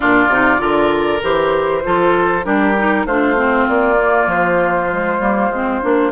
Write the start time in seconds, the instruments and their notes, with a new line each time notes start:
0.00 bassoon A#2, clarinet D4, oboe F4, flute D5
0.28 bassoon C3, clarinet D#4
0.58 bassoon D3, clarinet F4, oboe A#4
1.22 bassoon E3, clarinet G4, flute C5
1.83 bassoon F3, clarinet F4, oboe A4
2.43 bassoon G3, clarinet D4, oboe G4, flute A#4
2.77 clarinet D#4
3.05 bassoon A3, clarinet D4, oboe F4, flute C5
3.36 clarinet C4
3.68 bassoon A#3, flute D5
3.97 clarinet A#3
4.26 bassoon F3, flute C5
4.90 clarinet G#3
5.19 bassoon G3, clarinet A#3
5.49 bassoon G#3, clarinet C4
5.82 bassoon A#3, clarinet D4